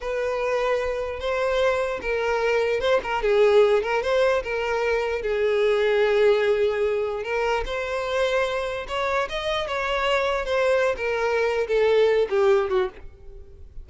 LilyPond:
\new Staff \with { instrumentName = "violin" } { \time 4/4 \tempo 4 = 149 b'2. c''4~ | c''4 ais'2 c''8 ais'8 | gis'4. ais'8 c''4 ais'4~ | ais'4 gis'2.~ |
gis'2 ais'4 c''4~ | c''2 cis''4 dis''4 | cis''2 c''4~ c''16 ais'8.~ | ais'4 a'4. g'4 fis'8 | }